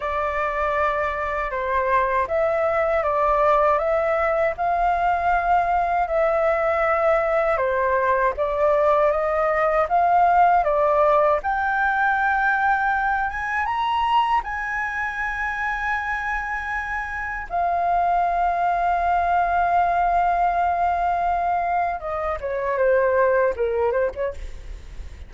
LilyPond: \new Staff \with { instrumentName = "flute" } { \time 4/4 \tempo 4 = 79 d''2 c''4 e''4 | d''4 e''4 f''2 | e''2 c''4 d''4 | dis''4 f''4 d''4 g''4~ |
g''4. gis''8 ais''4 gis''4~ | gis''2. f''4~ | f''1~ | f''4 dis''8 cis''8 c''4 ais'8 c''16 cis''16 | }